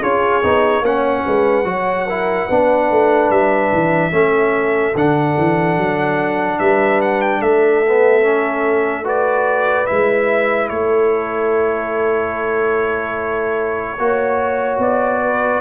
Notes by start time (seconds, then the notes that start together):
0.00 C#4 F4 G#4 C#5
0.43 B3 D#4
0.81 A#3 C#4 C#5 F#5
1.26 G#3 B4
1.64 F#3 F#4 C#5
2.06 E4 A#4
2.46 B3 D4 B4
2.91 A3
3.30 G3 E5
3.73 E3
4.11 A3 C#4 A4
4.95 D3 D4 F#5
5.38 E3
5.77 F#3
6.59 G3 B4 E5
7.01 F#5
7.21 G5
7.39 A3 A4 E5
7.85 B3
8.23 C#4
9.04 F#4 B4 D5
9.86 G#3 E4 E5
10.69 A3 A4 C#5
13.99 A#3 F#4 C#5
14.78 B3 D5
15.22 B4